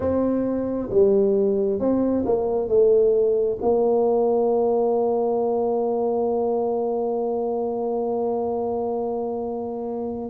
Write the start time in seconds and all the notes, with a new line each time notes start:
0.00 C4
0.90 G3
1.79 C4
2.25 A#3
2.68 A3
3.61 A#3